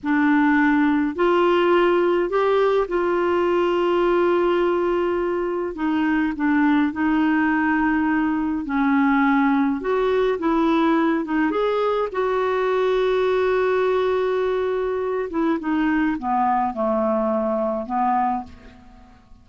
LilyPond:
\new Staff \with { instrumentName = "clarinet" } { \time 4/4 \tempo 4 = 104 d'2 f'2 | g'4 f'2.~ | f'2 dis'4 d'4 | dis'2. cis'4~ |
cis'4 fis'4 e'4. dis'8 | gis'4 fis'2.~ | fis'2~ fis'8 e'8 dis'4 | b4 a2 b4 | }